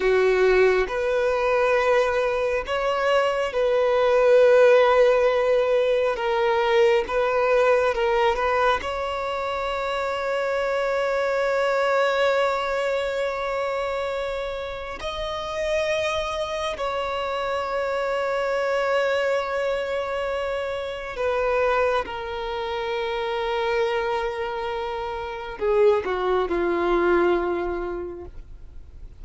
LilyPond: \new Staff \with { instrumentName = "violin" } { \time 4/4 \tempo 4 = 68 fis'4 b'2 cis''4 | b'2. ais'4 | b'4 ais'8 b'8 cis''2~ | cis''1~ |
cis''4 dis''2 cis''4~ | cis''1 | b'4 ais'2.~ | ais'4 gis'8 fis'8 f'2 | }